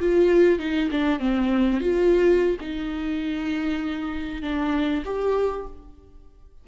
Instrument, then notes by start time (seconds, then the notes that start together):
viola
0.00 F4
0.59 D#4
0.91 D4
1.20 C4
1.81 F4
2.61 D#4
4.42 D4
5.05 G4